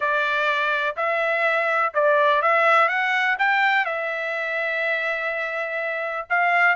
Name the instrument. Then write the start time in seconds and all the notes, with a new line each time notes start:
trumpet
0.00 D5
0.96 E5
1.94 D5
2.41 E5
2.88 F#5
3.38 G5
3.85 E5
6.29 F5